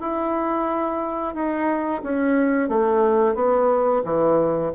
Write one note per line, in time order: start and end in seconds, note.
0.00 1.34 E4
1.34 2.01 D#4
2.03 2.68 C#4
2.68 3.35 A3
3.35 4.02 B3
4.04 4.72 E3